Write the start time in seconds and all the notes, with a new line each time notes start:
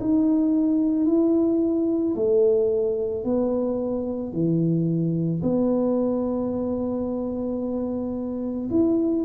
0.00 D#4
1.06 E4
2.15 A3
3.24 B3
4.32 E3
5.42 B3
8.70 E4